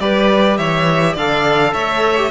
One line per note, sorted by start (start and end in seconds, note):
0.00 0.58 G3
0.00 1.17 G4
0.00 0.58 B4
0.00 0.57 D5
0.57 1.16 E3
0.57 1.13 C#5
0.57 1.16 E5
1.13 1.73 D3
1.13 2.17 A4
1.13 1.71 D5
1.13 1.73 F5
1.73 2.31 A3
1.73 2.31 C#5
1.73 2.31 E5
2.17 2.31 G4